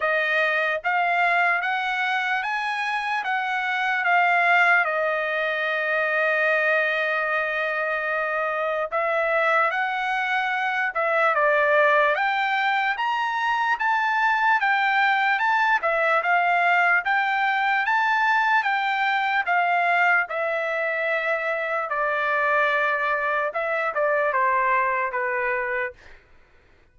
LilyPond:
\new Staff \with { instrumentName = "trumpet" } { \time 4/4 \tempo 4 = 74 dis''4 f''4 fis''4 gis''4 | fis''4 f''4 dis''2~ | dis''2. e''4 | fis''4. e''8 d''4 g''4 |
ais''4 a''4 g''4 a''8 e''8 | f''4 g''4 a''4 g''4 | f''4 e''2 d''4~ | d''4 e''8 d''8 c''4 b'4 | }